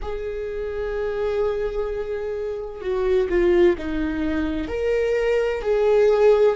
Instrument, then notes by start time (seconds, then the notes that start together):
viola
0.02 G#4
2.81 F#4
3.29 F4
3.78 D#4
4.68 A#4
5.62 G#4